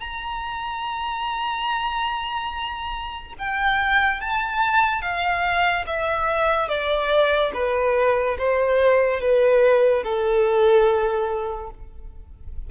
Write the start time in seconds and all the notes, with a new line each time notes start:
0.00 A#5
3.39 G5
4.20 A5
5.02 F5
5.87 E5
6.68 D5
7.54 B4
8.38 C5
9.20 B4
10.03 A4